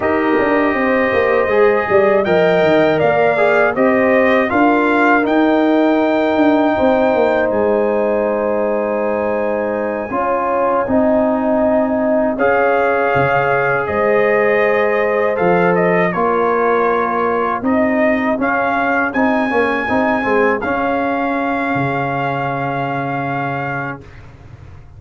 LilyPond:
<<
  \new Staff \with { instrumentName = "trumpet" } { \time 4/4 \tempo 4 = 80 dis''2. g''4 | f''4 dis''4 f''4 g''4~ | g''2 gis''2~ | gis''1~ |
gis''8 f''2 dis''4.~ | dis''8 f''8 dis''8 cis''2 dis''8~ | dis''8 f''4 gis''2 f''8~ | f''1 | }
  \new Staff \with { instrumentName = "horn" } { \time 4/4 ais'4 c''4. d''8 dis''4 | d''4 c''4 ais'2~ | ais'4 c''2.~ | c''4. cis''4 dis''4.~ |
dis''8 cis''2 c''4.~ | c''4. ais'2 gis'8~ | gis'1~ | gis'1 | }
  \new Staff \with { instrumentName = "trombone" } { \time 4/4 g'2 gis'4 ais'4~ | ais'8 gis'8 g'4 f'4 dis'4~ | dis'1~ | dis'4. f'4 dis'4.~ |
dis'8 gis'2.~ gis'8~ | gis'8 a'4 f'2 dis'8~ | dis'8 cis'4 dis'8 cis'8 dis'8 c'8 cis'8~ | cis'1 | }
  \new Staff \with { instrumentName = "tuba" } { \time 4/4 dis'8 d'8 c'8 ais8 gis8 g8 f8 dis8 | ais4 c'4 d'4 dis'4~ | dis'8 d'8 c'8 ais8 gis2~ | gis4. cis'4 c'4.~ |
c'8 cis'4 cis4 gis4.~ | gis8 f4 ais2 c'8~ | c'8 cis'4 c'8 ais8 c'8 gis8 cis'8~ | cis'4 cis2. | }
>>